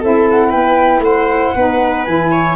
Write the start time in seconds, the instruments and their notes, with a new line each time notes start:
0.00 tuba C4, saxophone E4, viola A4, flute E5
0.30 flute F#5
0.49 tuba B3, viola B4, flute G5
0.99 tuba A3, viola C5, flute F#5
1.55 tuba B3, saxophone D#4, viola B4
2.05 tuba E3, saxophone E4, flute G#5
2.31 viola C#5